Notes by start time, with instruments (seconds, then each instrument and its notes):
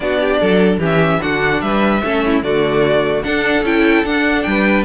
0.00 cello B3, viola D4, violin F#4 D5
0.20 violin G4
0.40 cello F#3, violin A4
0.78 cello E3, viola C#4, violin G4
0.85 violin E5
1.20 cello D3, viola D4, violin F#4 F#5
1.61 cello G3, violin B4 E5
2.03 cello A3, viola C#4, violin A4
2.24 violin E4
2.42 cello D3, viola A3, violin F#4 D5
3.23 viola D4, cello D4, violin A4 F#5
3.62 cello C#4, viola E4, violin G5
4.04 cello D4, viola D4, violin F#5
4.43 cello G3, violin B4 G5